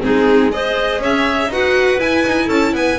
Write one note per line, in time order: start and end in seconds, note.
0.00 0.99 G#3
0.00 0.50 C4
0.00 0.52 D#4
0.00 0.52 G#4
0.52 1.51 G#4
0.52 1.02 C5
0.52 1.02 D#5
0.99 1.47 C#4
0.99 1.51 C#5
0.99 1.52 E5
1.47 1.96 D#4
1.47 1.99 F#4
1.47 2.46 B4
1.47 2.00 F#5
1.99 2.98 E4
1.99 2.24 E4
1.99 2.49 G#5
2.26 2.49 D#4
2.46 2.73 C#4
2.46 2.71 A4
2.46 2.74 A5
2.73 2.98 B3
2.73 2.99 B4
2.73 2.99 G#5